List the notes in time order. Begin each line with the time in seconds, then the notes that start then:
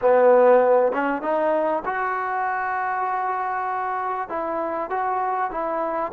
0.01 B3
0.92 C#4
1.22 D#4
1.85 F#4
4.29 E4
4.90 F#4
5.50 E4